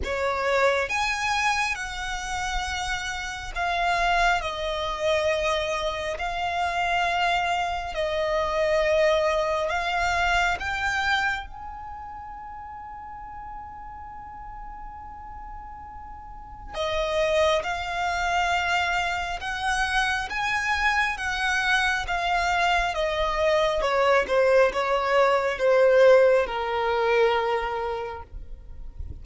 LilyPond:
\new Staff \with { instrumentName = "violin" } { \time 4/4 \tempo 4 = 68 cis''4 gis''4 fis''2 | f''4 dis''2 f''4~ | f''4 dis''2 f''4 | g''4 gis''2.~ |
gis''2. dis''4 | f''2 fis''4 gis''4 | fis''4 f''4 dis''4 cis''8 c''8 | cis''4 c''4 ais'2 | }